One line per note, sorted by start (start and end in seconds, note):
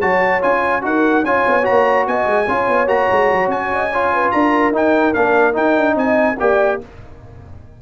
0.00 0.42 F#3
0.00 0.41 F#4
0.00 0.82 C#5
0.00 0.42 A5
0.41 0.84 C#4
0.41 0.81 F4
0.41 0.83 G#5
0.81 1.23 D#4
0.81 1.23 F#4
0.81 1.25 A#4
0.81 1.24 F#5
1.23 1.44 C#4
1.23 1.63 F4
1.23 2.07 C#5
1.23 1.65 G#5
1.47 1.68 B3
1.63 2.06 A#3
1.63 2.45 F#4
1.63 2.06 A#5
2.06 2.26 B3
2.06 2.46 D#5
2.06 2.88 G#5
2.26 2.47 G#3
2.46 2.68 C#4
2.46 2.87 F4
2.46 3.70 C#5
2.68 2.87 B3
2.87 3.07 A#3
2.87 3.90 F#4
2.87 3.49 A#5
3.11 3.32 G#3
3.32 3.47 F#3
3.47 4.30 C#4
3.47 4.31 G#5
3.73 3.92 D#5
3.92 4.73 F4
3.92 4.12 C#5
4.13 4.33 B4
4.31 4.71 D4
4.31 5.95 A#4
4.31 4.72 A#5
4.71 5.12 D#4
4.71 5.14 D#4
4.71 5.13 G5
5.13 5.56 A#3
5.13 5.52 D4
5.13 5.54 F5
5.52 6.35 D#4
5.52 5.77 D#4
5.52 5.97 G5
5.77 5.95 D4
5.95 6.36 C4
5.95 6.36 D#5
5.95 6.38 G#5
6.39 6.81 A#3
6.39 6.81 G4
6.39 6.81 D5
6.39 6.80 G5